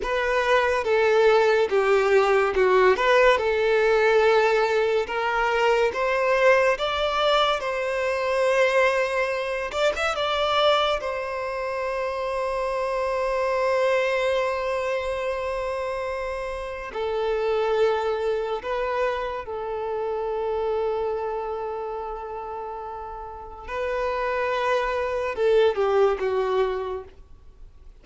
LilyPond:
\new Staff \with { instrumentName = "violin" } { \time 4/4 \tempo 4 = 71 b'4 a'4 g'4 fis'8 b'8 | a'2 ais'4 c''4 | d''4 c''2~ c''8 d''16 e''16 | d''4 c''2.~ |
c''1 | a'2 b'4 a'4~ | a'1 | b'2 a'8 g'8 fis'4 | }